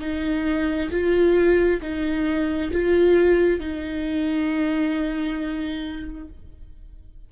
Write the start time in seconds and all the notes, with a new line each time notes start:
0.00 D#4
0.91 F4
1.82 D#4
2.72 F4
3.60 D#4